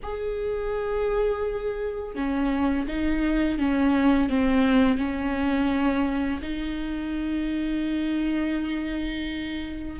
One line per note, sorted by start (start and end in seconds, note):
0.02 2.15 G#4
2.15 2.86 C#4
2.87 3.58 D#4
3.58 4.29 C#4
4.29 4.97 C4
4.97 6.40 C#4
6.42 9.99 D#4